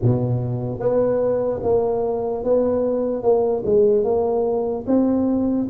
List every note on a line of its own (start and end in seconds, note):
0.02 0.79 B2
0.79 1.60 B3
1.62 2.43 A#3
2.44 3.22 B3
3.22 3.63 A#3
3.65 4.04 G#3
4.04 4.85 A#3
4.86 5.68 C4